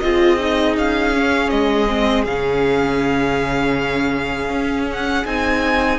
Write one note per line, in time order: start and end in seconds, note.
0.00 0.77 C4
0.00 0.40 F4
0.00 6.00 G#4
0.00 0.75 D#5
0.40 1.14 D#4
0.77 1.52 C#4
0.77 1.50 F5
1.14 1.88 C#4
1.50 2.26 G#3
1.50 2.25 D#5
1.88 2.26 C4
2.25 4.50 C#3
2.25 5.26 C#4
2.25 4.88 F5
4.50 5.25 C#4
4.93 5.26 F#5
5.25 6.00 C4
5.25 6.00 D#4
5.25 6.00 G#5